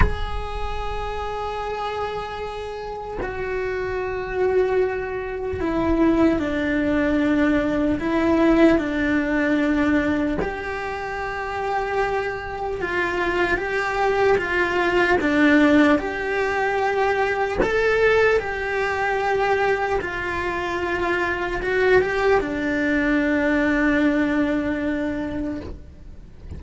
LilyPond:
\new Staff \with { instrumentName = "cello" } { \time 4/4 \tempo 4 = 75 gis'1 | fis'2. e'4 | d'2 e'4 d'4~ | d'4 g'2. |
f'4 g'4 f'4 d'4 | g'2 a'4 g'4~ | g'4 f'2 fis'8 g'8 | d'1 | }